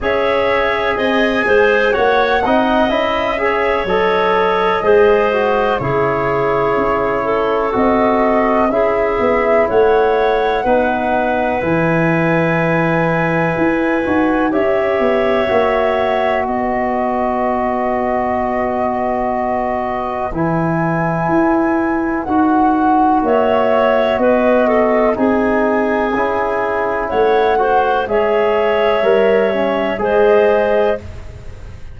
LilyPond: <<
  \new Staff \with { instrumentName = "flute" } { \time 4/4 \tempo 4 = 62 e''4 gis''4 fis''4 e''4 | dis''2 cis''2 | dis''4 e''4 fis''2 | gis''2. e''4~ |
e''4 dis''2.~ | dis''4 gis''2 fis''4 | e''4 dis''4 gis''2 | fis''4 e''2 dis''4 | }
  \new Staff \with { instrumentName = "clarinet" } { \time 4/4 cis''4 dis''8 c''8 cis''8 dis''4 cis''8~ | cis''4 c''4 gis'4. a'8~ | a'4 gis'4 cis''4 b'4~ | b'2. cis''4~ |
cis''4 b'2.~ | b'1 | cis''4 b'8 a'8 gis'2 | cis''8 c''8 cis''2 c''4 | }
  \new Staff \with { instrumentName = "trombone" } { \time 4/4 gis'2 fis'8 dis'8 e'8 gis'8 | a'4 gis'8 fis'8 e'2 | fis'4 e'2 dis'4 | e'2~ e'8 fis'8 g'4 |
fis'1~ | fis'4 e'2 fis'4~ | fis'2 dis'4 e'4~ | e'8 fis'8 gis'4 ais'8 cis'8 gis'4 | }
  \new Staff \with { instrumentName = "tuba" } { \time 4/4 cis'4 c'8 gis8 ais8 c'8 cis'4 | fis4 gis4 cis4 cis'4 | c'4 cis'8 b8 a4 b4 | e2 e'8 dis'8 cis'8 b8 |
ais4 b2.~ | b4 e4 e'4 dis'4 | ais4 b4 c'4 cis'4 | a4 gis4 g4 gis4 | }
>>